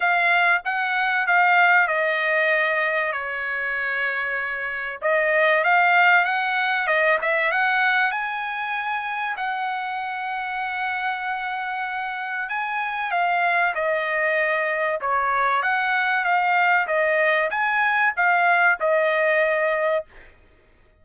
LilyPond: \new Staff \with { instrumentName = "trumpet" } { \time 4/4 \tempo 4 = 96 f''4 fis''4 f''4 dis''4~ | dis''4 cis''2. | dis''4 f''4 fis''4 dis''8 e''8 | fis''4 gis''2 fis''4~ |
fis''1 | gis''4 f''4 dis''2 | cis''4 fis''4 f''4 dis''4 | gis''4 f''4 dis''2 | }